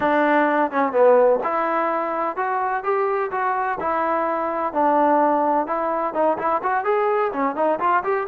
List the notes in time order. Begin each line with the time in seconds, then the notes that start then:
0.00 D4
0.71 C#4
0.92 B3
1.43 E4
2.36 F#4
2.83 G4
3.31 F#4
3.79 E4
4.73 D4
5.66 E4
6.14 D#4
6.38 E4
6.62 F#4
6.84 G#4
7.32 C#4
7.55 D#4
7.79 F4
8.03 G4